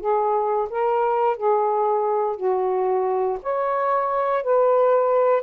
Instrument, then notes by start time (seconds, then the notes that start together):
saxophone
0.00 G#4
0.69 A#4
1.37 G#4
2.36 F#4
3.42 C#5
4.43 B4